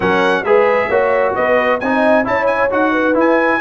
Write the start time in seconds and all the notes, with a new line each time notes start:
0.00 F#3 C#4 A#4 F#5
0.43 G#3 G#4 B4 E5
0.88 A#3 F#4 C#5
1.34 B3 B4 D#5
1.80 C4 D#4 D#5 G#5
2.24 C#4 E4 C#5 A5
2.46 G#5
2.70 D#4 F#4 F#5
2.91 B4
3.14 E4 G#5